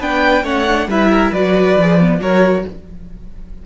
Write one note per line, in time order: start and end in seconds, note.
0.00 0.43 B3
0.00 0.45 D4
0.00 0.43 B4
0.00 0.46 G5
0.43 0.87 A3
0.43 0.67 C#4
0.43 0.88 C#5
0.43 0.90 F#5
0.67 0.90 D4
0.87 1.32 G3
0.87 1.35 E4
0.87 1.11 B4
0.87 1.33 E5
1.11 1.31 A#4
1.31 1.76 F#3
1.31 1.80 F#4
1.31 2.20 B4
1.31 2.22 D5
1.77 2.20 F3
1.77 2.00 G#4
2.00 2.21 B3
2.20 2.64 F#3
2.20 2.65 F#4
2.20 2.66 A#4
2.20 2.66 C#5